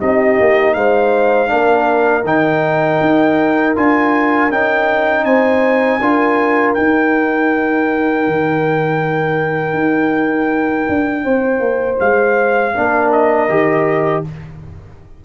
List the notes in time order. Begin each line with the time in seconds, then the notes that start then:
0.00 C4 D#4 G4 D#5
0.40 A#3
0.74 G#3 C5 F5
1.47 A#3 D4 A#4
2.24 D#3 D#4 G5
3.01 D#4
3.75 D4 F4 G#5
4.50 C#4 D#4 G5
5.25 C4 C5 G#5
6.00 D4 F4 A#4
6.74 D#4 G5
8.27 D#3
9.73 D#4
10.89 D4
11.24 C4 C5
11.60 A#3
12.00 G#3 F5
12.75 A#3 D4 A#4
13.12 D#5
13.49 D#3 G4